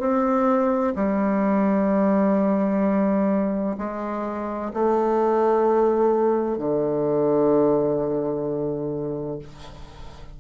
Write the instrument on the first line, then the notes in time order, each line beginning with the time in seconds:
bassoon
0.00 C4
0.95 G3
3.78 G#3
4.73 A3
6.58 D3